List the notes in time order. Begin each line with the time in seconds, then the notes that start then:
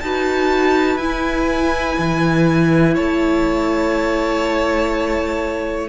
0.00 D#4 F#4 B4 A5
0.96 E4 G#5
1.98 E3
2.94 A3 C#5 A5